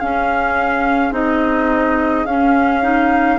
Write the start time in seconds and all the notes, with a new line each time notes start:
0.00 C#4 G#4 F5
1.12 C4 D#4 D#5
2.26 C#4 F5
2.83 D#4